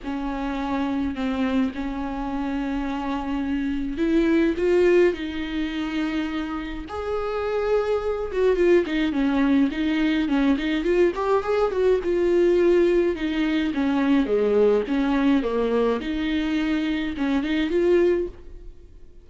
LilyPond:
\new Staff \with { instrumentName = "viola" } { \time 4/4 \tempo 4 = 105 cis'2 c'4 cis'4~ | cis'2. e'4 | f'4 dis'2. | gis'2~ gis'8 fis'8 f'8 dis'8 |
cis'4 dis'4 cis'8 dis'8 f'8 g'8 | gis'8 fis'8 f'2 dis'4 | cis'4 gis4 cis'4 ais4 | dis'2 cis'8 dis'8 f'4 | }